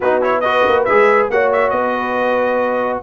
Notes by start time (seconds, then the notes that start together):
0.00 B3 D#4 F#4 B4
0.21 E4 C#5
0.40 F#4 B4 D#5
0.66 A#3
0.85 G#3 G#4 E5
1.29 A#3 F#4 C#5 F#5
1.52 E5
1.70 B3 B4 D#5